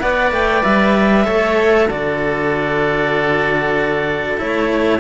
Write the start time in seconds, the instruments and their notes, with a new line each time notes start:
0.00 cello B3 B4, oboe D5, clarinet F#5
0.31 cello A3, clarinet G5
0.63 cello G3, clarinet E5
1.25 cello A3 A4, oboe C#5
1.87 cello D3 F#4, oboe A4, clarinet D5
4.37 cello A3 E4, clarinet C#5